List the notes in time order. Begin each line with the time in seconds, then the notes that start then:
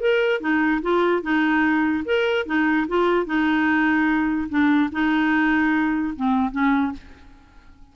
0.00 A#4
0.40 D#4
0.82 F4
1.22 D#4
2.05 A#4
2.46 D#4
2.88 F4
3.26 D#4
4.49 D4
4.92 D#4
6.16 C4
6.52 C#4